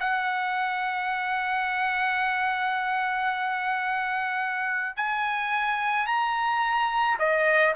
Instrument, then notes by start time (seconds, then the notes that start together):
trumpet
0.00 F#5
4.97 G#5
6.07 A#5
7.19 D#5